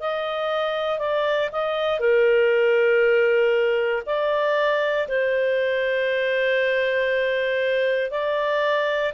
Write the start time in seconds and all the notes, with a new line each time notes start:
0.00 D#5
0.98 D5
1.52 D#5
1.99 A#4
4.05 D5
5.08 C5
8.11 D5